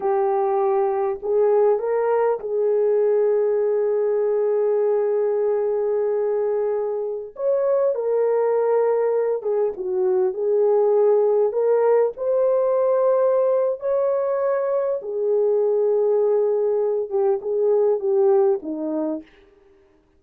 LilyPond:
\new Staff \with { instrumentName = "horn" } { \time 4/4 \tempo 4 = 100 g'2 gis'4 ais'4 | gis'1~ | gis'1~ | gis'16 cis''4 ais'2~ ais'8 gis'16~ |
gis'16 fis'4 gis'2 ais'8.~ | ais'16 c''2~ c''8. cis''4~ | cis''4 gis'2.~ | gis'8 g'8 gis'4 g'4 dis'4 | }